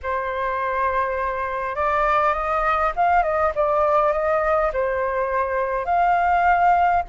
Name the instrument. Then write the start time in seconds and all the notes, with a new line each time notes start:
flute
0.02 C5
1.75 D5
2.33 D#5
2.96 F5
3.22 D#5
3.55 D5
4.12 D#5
4.73 C5
5.85 F5